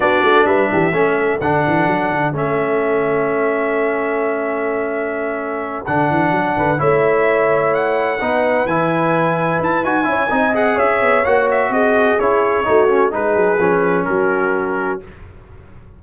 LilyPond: <<
  \new Staff \with { instrumentName = "trumpet" } { \time 4/4 \tempo 4 = 128 d''4 e''2 fis''4~ | fis''4 e''2.~ | e''1~ | e''8 fis''2 e''4.~ |
e''8 fis''2 gis''4.~ | gis''8 a''8 gis''4. fis''8 e''4 | fis''8 e''8 dis''4 cis''2 | b'2 ais'2 | }
  \new Staff \with { instrumentName = "horn" } { \time 4/4 fis'4 b'8 g'8 a'2~ | a'1~ | a'1~ | a'2 b'8 cis''4.~ |
cis''4. b'2~ b'8~ | b'4. cis''8 dis''4 cis''4~ | cis''4 gis'2 fis'4 | gis'2 fis'2 | }
  \new Staff \with { instrumentName = "trombone" } { \time 4/4 d'2 cis'4 d'4~ | d'4 cis'2.~ | cis'1~ | cis'8 d'2 e'4.~ |
e'4. dis'4 e'4.~ | e'4 fis'8 e'8 dis'8 gis'4. | fis'2 e'4 dis'8 cis'8 | dis'4 cis'2. | }
  \new Staff \with { instrumentName = "tuba" } { \time 4/4 b8 a8 g8 e8 a4 d8 e8 | fis8 d8 a2.~ | a1~ | a8 d8 e8 fis8 d8 a4.~ |
a4. b4 e4.~ | e8 e'8 dis'8 cis'8 c'4 cis'8 b8 | ais4 c'4 cis'4 a4 | gis8 fis8 f4 fis2 | }
>>